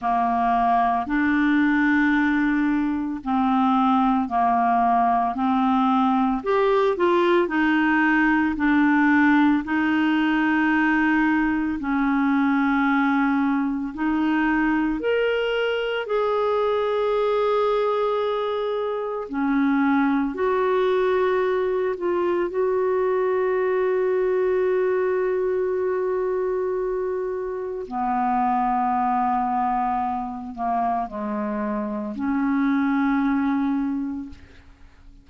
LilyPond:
\new Staff \with { instrumentName = "clarinet" } { \time 4/4 \tempo 4 = 56 ais4 d'2 c'4 | ais4 c'4 g'8 f'8 dis'4 | d'4 dis'2 cis'4~ | cis'4 dis'4 ais'4 gis'4~ |
gis'2 cis'4 fis'4~ | fis'8 f'8 fis'2.~ | fis'2 b2~ | b8 ais8 gis4 cis'2 | }